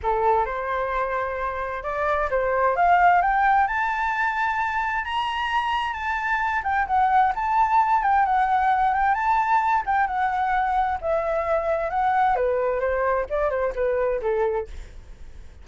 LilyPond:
\new Staff \with { instrumentName = "flute" } { \time 4/4 \tempo 4 = 131 a'4 c''2. | d''4 c''4 f''4 g''4 | a''2. ais''4~ | ais''4 a''4. g''8 fis''4 |
a''4. g''8 fis''4. g''8 | a''4. g''8 fis''2 | e''2 fis''4 b'4 | c''4 d''8 c''8 b'4 a'4 | }